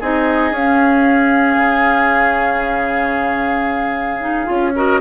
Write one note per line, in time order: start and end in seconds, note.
0.00 0.52 C4
0.00 0.54 D#4
0.00 4.74 G#4
0.00 0.54 D#5
0.52 1.57 C#4
0.52 4.21 C#4
0.52 4.76 F5
1.57 4.47 C#3
4.21 4.46 D#4
4.46 5.00 C#4
4.46 4.72 F4
4.76 5.00 F#4
4.76 5.00 A#4
4.76 5.00 D#5